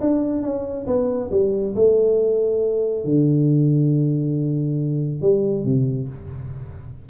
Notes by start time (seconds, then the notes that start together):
0.00 D4
0.42 C#4
0.86 B3
1.31 G3
1.75 A3
3.04 D3
5.21 G3
5.64 C3